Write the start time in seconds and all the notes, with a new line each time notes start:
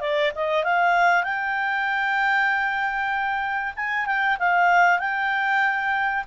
0.00 D5
0.35 D#5
0.64 F5
1.23 G5
3.76 G#5
4.06 G5
4.39 F5
4.99 G5